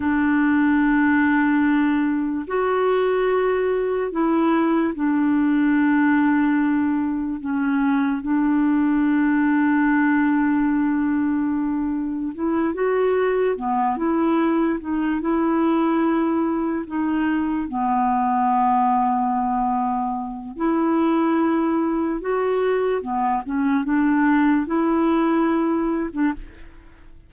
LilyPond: \new Staff \with { instrumentName = "clarinet" } { \time 4/4 \tempo 4 = 73 d'2. fis'4~ | fis'4 e'4 d'2~ | d'4 cis'4 d'2~ | d'2. e'8 fis'8~ |
fis'8 b8 e'4 dis'8 e'4.~ | e'8 dis'4 b2~ b8~ | b4 e'2 fis'4 | b8 cis'8 d'4 e'4.~ e'16 d'16 | }